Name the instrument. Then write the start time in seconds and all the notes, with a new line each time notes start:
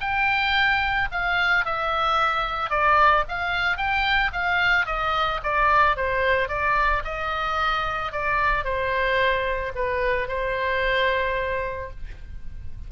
oboe
0.00 G5
1.11 F5
1.65 E5
2.70 D5
3.28 F5
3.77 G5
4.32 F5
4.86 D#5
5.43 D5
5.96 C5
6.48 D5
7.04 D#5
8.12 D5
8.64 C5
9.75 B4
10.28 C5